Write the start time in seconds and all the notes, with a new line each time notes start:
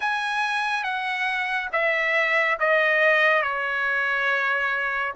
0.00 G#5
0.83 F#5
1.72 E5
2.59 D#5
3.42 C#5